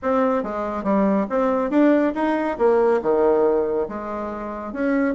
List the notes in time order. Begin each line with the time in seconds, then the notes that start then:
0.02 C4
0.43 G#3
0.83 G3
1.29 C4
1.70 D4
2.14 D#4
2.58 A#3
3.01 D#3
3.88 G#3
4.72 C#4